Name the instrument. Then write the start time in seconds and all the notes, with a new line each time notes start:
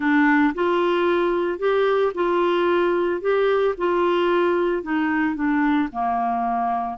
clarinet
0.00 D4
0.54 F4
1.58 G4
2.14 F4
3.21 G4
3.77 F4
4.83 D#4
5.35 D4
5.91 A#3